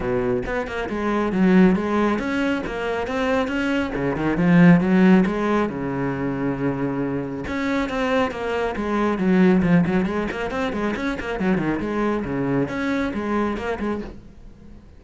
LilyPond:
\new Staff \with { instrumentName = "cello" } { \time 4/4 \tempo 4 = 137 b,4 b8 ais8 gis4 fis4 | gis4 cis'4 ais4 c'4 | cis'4 cis8 dis8 f4 fis4 | gis4 cis2.~ |
cis4 cis'4 c'4 ais4 | gis4 fis4 f8 fis8 gis8 ais8 | c'8 gis8 cis'8 ais8 fis8 dis8 gis4 | cis4 cis'4 gis4 ais8 gis8 | }